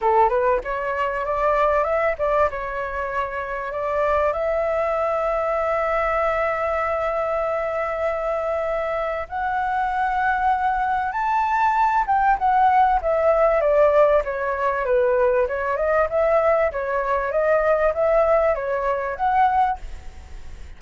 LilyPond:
\new Staff \with { instrumentName = "flute" } { \time 4/4 \tempo 4 = 97 a'8 b'8 cis''4 d''4 e''8 d''8 | cis''2 d''4 e''4~ | e''1~ | e''2. fis''4~ |
fis''2 a''4. g''8 | fis''4 e''4 d''4 cis''4 | b'4 cis''8 dis''8 e''4 cis''4 | dis''4 e''4 cis''4 fis''4 | }